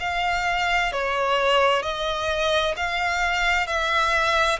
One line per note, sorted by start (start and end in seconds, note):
0.00 0.92 F5
0.92 1.83 C#5
1.83 2.75 D#5
2.77 3.67 F5
3.67 4.59 E5